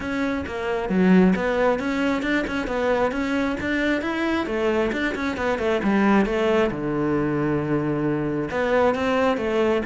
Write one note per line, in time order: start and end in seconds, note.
0.00 0.44 C#4
0.46 0.89 A#3
0.89 1.34 F#3
1.35 1.79 B3
1.79 2.22 C#4
2.22 2.44 D4
2.47 2.67 C#4
2.67 3.11 B3
3.11 3.56 C#4
3.60 4.01 D4
4.01 4.46 E4
4.46 4.91 A3
4.92 5.14 D4
5.15 5.36 C#4
5.36 5.58 B3
5.58 5.81 A3
5.83 6.25 G3
6.25 6.70 A3
6.70 8.49 D3
8.50 8.95 B3
8.95 9.37 C4
9.37 9.82 A3